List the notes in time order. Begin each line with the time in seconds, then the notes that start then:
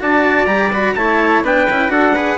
0.00 D4 F#4 D5 A5
0.47 G3 G4 A#5
0.73 F#4 B5
0.95 A3 E4 C#5 A5
1.43 B3 D4 B4 G5
1.70 C#4 E4
1.89 D4 F#4 A4 F#5
2.15 G#4 B4